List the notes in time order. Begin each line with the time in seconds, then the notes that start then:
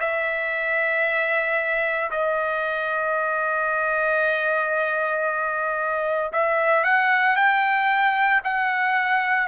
0.00 E5
2.11 D#5
6.32 E5
6.84 F#5
7.36 G5
8.44 F#5